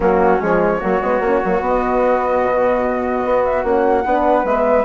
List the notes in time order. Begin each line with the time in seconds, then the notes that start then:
0.00 F#3 A#3 C#4 F#4
0.39 F3 G#3 C#5
0.79 F#3 A#3 F#4
1.01 G#3 B3
1.19 A#3 C#4
1.43 F#3 A#3
1.61 B3 D#5
2.43 B2
3.24 B3
3.43 E5
3.63 A#3 C#4 F#5
4.05 B3 D4 B4
4.44 G#3 B3 E5